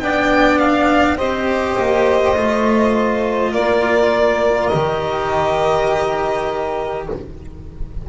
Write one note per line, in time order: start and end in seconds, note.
0.00 1.18 B3
0.00 1.17 D4
0.00 1.17 D5
0.00 0.59 G5
0.59 1.17 F5
1.17 1.77 C4
1.17 2.35 G4
1.17 3.52 C5
1.17 3.54 D#5
1.78 2.36 A#3
2.36 3.52 A3
2.36 4.72 F4
3.52 4.70 A#3
3.52 7.07 A#4
3.52 4.68 D5
4.68 7.09 D#3
4.68 7.08 G4
4.68 7.03 D#5